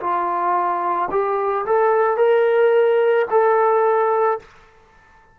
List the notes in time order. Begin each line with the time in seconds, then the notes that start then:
0.00 F4
1.11 G4
1.66 A4
2.17 A#4
3.30 A4